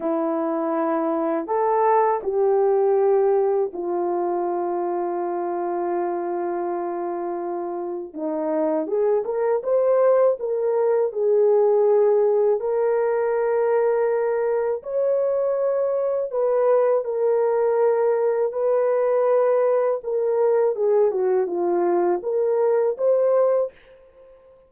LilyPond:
\new Staff \with { instrumentName = "horn" } { \time 4/4 \tempo 4 = 81 e'2 a'4 g'4~ | g'4 f'2.~ | f'2. dis'4 | gis'8 ais'8 c''4 ais'4 gis'4~ |
gis'4 ais'2. | cis''2 b'4 ais'4~ | ais'4 b'2 ais'4 | gis'8 fis'8 f'4 ais'4 c''4 | }